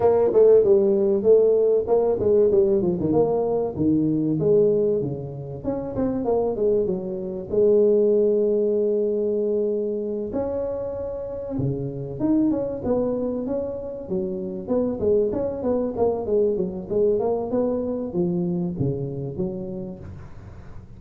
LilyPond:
\new Staff \with { instrumentName = "tuba" } { \time 4/4 \tempo 4 = 96 ais8 a8 g4 a4 ais8 gis8 | g8 f16 dis16 ais4 dis4 gis4 | cis4 cis'8 c'8 ais8 gis8 fis4 | gis1~ |
gis8 cis'2 cis4 dis'8 | cis'8 b4 cis'4 fis4 b8 | gis8 cis'8 b8 ais8 gis8 fis8 gis8 ais8 | b4 f4 cis4 fis4 | }